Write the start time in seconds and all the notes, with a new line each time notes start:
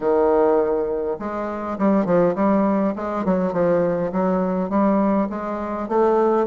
0.00 D#3
1.19 G#3
1.78 G3
2.05 F3
2.35 G3
2.95 G#3
3.25 F#3
3.52 F3
4.11 F#3
4.69 G3
5.29 G#3
5.88 A3